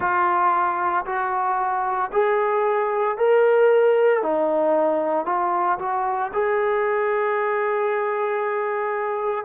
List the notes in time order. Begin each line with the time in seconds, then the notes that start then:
0.00 F4
1.05 F#4
2.12 G#4
3.17 A#4
4.22 D#4
5.25 F4
5.78 F#4
6.33 G#4